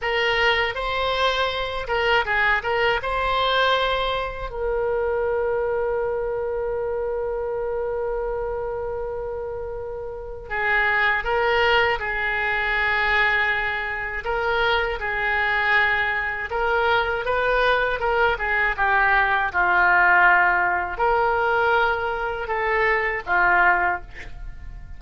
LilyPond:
\new Staff \with { instrumentName = "oboe" } { \time 4/4 \tempo 4 = 80 ais'4 c''4. ais'8 gis'8 ais'8 | c''2 ais'2~ | ais'1~ | ais'2 gis'4 ais'4 |
gis'2. ais'4 | gis'2 ais'4 b'4 | ais'8 gis'8 g'4 f'2 | ais'2 a'4 f'4 | }